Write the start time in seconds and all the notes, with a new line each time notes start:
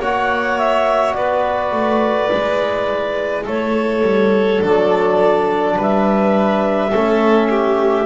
0.00 A#3 F#4 C#5 F#5
0.58 E5
1.13 B3 B4 D5
1.72 A3
2.31 G#3 E4
3.44 A3 A4 C#5
4.02 G3
4.60 F#3 D4 D5
5.77 G3 B4 E5
6.90 A3 C#4 A4
7.50 G4